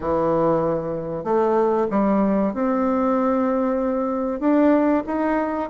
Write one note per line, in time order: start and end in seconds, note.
0.00 1.23 E3
1.23 1.87 A3
1.90 2.53 G3
2.53 4.40 C4
4.40 5.03 D4
5.06 5.69 D#4